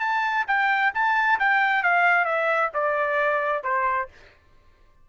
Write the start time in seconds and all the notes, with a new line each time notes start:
0.00 A5
0.48 G5
0.94 A5
1.39 G5
1.83 F5
2.25 E5
2.74 D5
3.63 C5